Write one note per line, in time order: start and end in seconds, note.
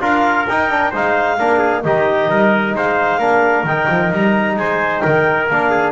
0.00 0.46 D4
0.00 0.45 F4
0.00 0.91 A#4
0.00 0.47 F5
0.48 0.93 D#4
0.48 0.70 D#4
0.48 0.93 G5
0.70 0.92 D4
0.91 1.39 G#3
0.91 1.38 D#4
0.91 1.36 C5
0.91 1.83 F5
1.38 1.85 A#3
1.38 1.84 D4
1.38 1.58 A#4
1.58 1.81 G#4
1.83 2.29 D#3
1.83 3.20 D#4
1.83 2.30 G4
1.83 2.74 D#5
2.29 2.75 G3
2.29 2.75 A#4
2.75 3.18 G#3
2.75 3.19 C5
2.75 3.65 F5
3.18 3.64 A#3
3.18 3.66 D4
3.18 4.55 A#4
3.64 3.87 D#3
3.64 5.50 D#4
3.64 4.11 G5
3.88 4.11 F3
4.12 4.56 G3
4.12 4.57 A#5
4.56 5.02 G#3
4.56 5.03 C5
4.56 4.99 G#5
4.99 5.50 D#3
4.99 5.70 A#4
4.99 5.44 G5
5.49 5.91 A#3
5.49 5.91 D4
5.49 5.91 F5
5.70 5.91 G#4